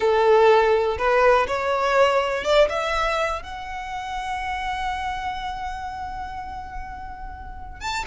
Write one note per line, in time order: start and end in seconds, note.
0.00 0.97 A4
0.98 1.46 B4
1.47 2.43 C#5
2.43 2.68 D5
2.69 3.42 E5
3.42 7.80 F#5
7.80 8.04 A5